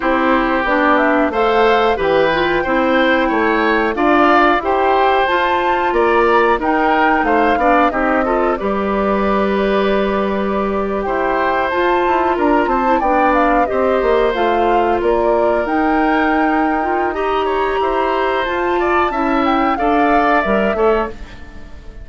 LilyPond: <<
  \new Staff \with { instrumentName = "flute" } { \time 4/4 \tempo 4 = 91 c''4 d''8 e''8 f''4 g''4~ | g''2 f''4 g''4 | a''4 ais''4 g''4 f''4 | dis''4 d''2.~ |
d''8. g''4 a''4 ais''8 a''8 g''16~ | g''16 f''8 dis''4 f''4 d''4 g''16~ | g''2 ais''2 | a''4. g''8 f''4 e''4 | }
  \new Staff \with { instrumentName = "oboe" } { \time 4/4 g'2 c''4 b'4 | c''4 cis''4 d''4 c''4~ | c''4 d''4 ais'4 c''8 d''8 | g'8 a'8 b'2.~ |
b'8. c''2 ais'8 c''8 d''16~ | d''8. c''2 ais'4~ ais'16~ | ais'2 dis''8 cis''8 c''4~ | c''8 d''8 e''4 d''4. cis''8 | }
  \new Staff \with { instrumentName = "clarinet" } { \time 4/4 e'4 d'4 a'4 g'8 f'8 | e'2 f'4 g'4 | f'2 dis'4. d'8 | dis'8 f'8 g'2.~ |
g'4.~ g'16 f'4.~ f'16 e'16 d'16~ | d'8. g'4 f'2 dis'16~ | dis'4. f'8 g'2 | f'4 e'4 a'4 ais'8 a'8 | }
  \new Staff \with { instrumentName = "bassoon" } { \time 4/4 c'4 b4 a4 e4 | c'4 a4 d'4 e'4 | f'4 ais4 dis'4 a8 b8 | c'4 g2.~ |
g8. e'4 f'8 e'8 d'8 c'8 b16~ | b8. c'8 ais8 a4 ais4 dis'16~ | dis'2. e'4 | f'4 cis'4 d'4 g8 a8 | }
>>